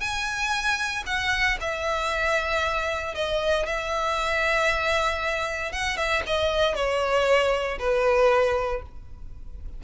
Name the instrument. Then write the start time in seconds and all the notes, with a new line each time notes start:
violin
0.00 G#5
1.06 F#5
1.60 E5
3.15 D#5
3.66 E5
5.72 F#5
5.97 E5
6.26 D#5
6.75 C#5
7.79 B4